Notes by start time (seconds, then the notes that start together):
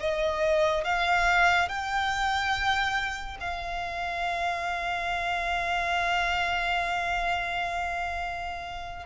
0.00 D#5
0.84 F5
1.69 G5
3.41 F5